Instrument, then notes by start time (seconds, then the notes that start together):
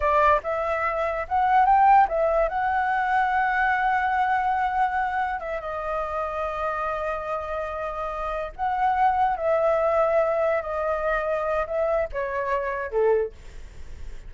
flute
0.00 D5
0.43 E5
1.28 F#5
1.65 G5
2.08 E5
2.48 F#5
5.40 E5
5.60 D#5
8.55 F#5
9.36 E5
10.62 D#5
11.66 E5
12.12 C#5
12.90 A4